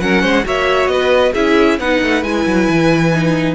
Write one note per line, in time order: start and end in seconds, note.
0.00 0.22 F#3
0.00 0.43 C#4
0.00 0.21 A#4
0.00 0.45 F#5
0.21 0.45 G#3
0.21 0.44 C5
0.43 0.87 A#3
0.43 1.33 F#4
0.43 0.91 C#5
0.43 0.87 E5
0.87 1.32 B3
0.87 1.33 B4
0.87 1.32 D#5
1.33 1.79 C#4
1.33 1.79 E4
1.33 1.77 G#4
1.33 1.79 E5
1.79 2.01 B3
1.79 2.23 D#4
1.79 3.55 B4
1.79 2.23 F#5
2.02 2.23 A3
2.23 2.45 G#3
2.23 3.13 E4
2.23 3.55 G#5
2.46 2.68 F#3
2.69 3.55 E3
3.13 3.55 D#4